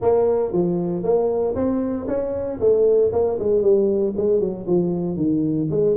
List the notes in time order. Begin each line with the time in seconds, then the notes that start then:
0.01 A#3
0.52 F3
1.03 A#3
1.55 C4
2.07 C#4
2.60 A3
3.12 A#3
3.39 G#3
3.62 G3
4.16 G#3
4.40 F#3
4.66 F3
5.16 D#3
5.70 G#3